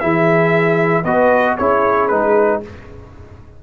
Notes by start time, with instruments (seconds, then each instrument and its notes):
0.00 tuba E3, trombone E4, horn G#4, trumpet E5
1.04 tuba B3, trombone F#4, horn B4, trumpet D#5
1.58 tuba C#4, trombone E4, horn G#4, trumpet C#5
2.09 tuba G#3, trombone D#4, trumpet B4